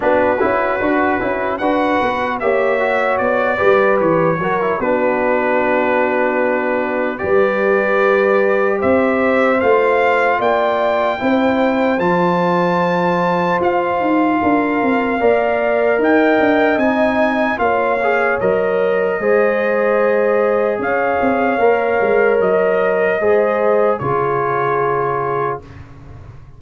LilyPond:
<<
  \new Staff \with { instrumentName = "trumpet" } { \time 4/4 \tempo 4 = 75 b'2 fis''4 e''4 | d''4 cis''4 b'2~ | b'4 d''2 e''4 | f''4 g''2 a''4~ |
a''4 f''2. | g''4 gis''4 f''4 dis''4~ | dis''2 f''2 | dis''2 cis''2 | }
  \new Staff \with { instrumentName = "horn" } { \time 4/4 fis'2 b'4 cis''4~ | cis''8 b'4 ais'8 fis'2~ | fis'4 b'2 c''4~ | c''4 d''4 c''2~ |
c''2 ais'4 d''4 | dis''2 cis''2 | c''2 cis''2~ | cis''4 c''4 gis'2 | }
  \new Staff \with { instrumentName = "trombone" } { \time 4/4 d'8 e'8 fis'8 e'8 fis'4 g'8 fis'8~ | fis'8 g'4 fis'16 e'16 d'2~ | d'4 g'2. | f'2 e'4 f'4~ |
f'2. ais'4~ | ais'4 dis'4 f'8 gis'8 ais'4 | gis'2. ais'4~ | ais'4 gis'4 f'2 | }
  \new Staff \with { instrumentName = "tuba" } { \time 4/4 b8 cis'8 d'8 cis'8 d'8 b8 ais4 | b8 g8 e8 fis8 b2~ | b4 g2 c'4 | a4 ais4 c'4 f4~ |
f4 f'8 dis'8 d'8 c'8 ais4 | dis'8 d'8 c'4 ais4 fis4 | gis2 cis'8 c'8 ais8 gis8 | fis4 gis4 cis2 | }
>>